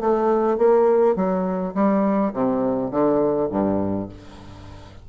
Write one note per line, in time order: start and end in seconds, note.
0.00 0.57 A3
0.57 1.15 A#3
1.15 1.74 F#3
1.74 2.32 G3
2.33 2.91 C3
2.91 3.49 D3
3.50 4.09 G2